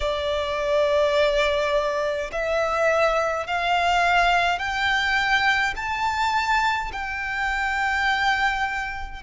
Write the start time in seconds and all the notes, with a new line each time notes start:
0.00 D5
2.32 E5
3.46 F5
4.58 G5
5.76 A5
6.92 G5